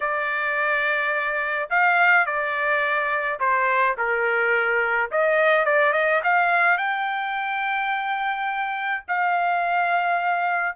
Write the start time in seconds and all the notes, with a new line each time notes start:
0.00 D5
1.70 F5
2.26 D5
3.39 C5
3.97 A#4
5.11 D#5
5.65 D5
5.93 D#5
6.23 F5
6.77 G5
9.08 F5